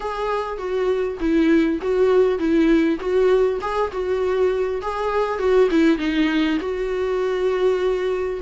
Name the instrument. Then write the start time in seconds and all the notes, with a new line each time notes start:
viola
0.00 G#4
0.58 F#4
1.19 E4
1.81 F#4
2.38 E4
2.99 F#4
3.61 G#4
3.92 F#4
4.81 G#4
5.38 F#4
5.70 E4
5.98 D#4
6.60 F#4